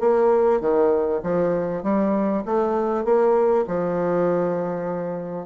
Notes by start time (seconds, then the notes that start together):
0.00 A#3
0.61 D#3
1.23 F3
1.83 G3
2.45 A3
3.04 A#3
3.67 F3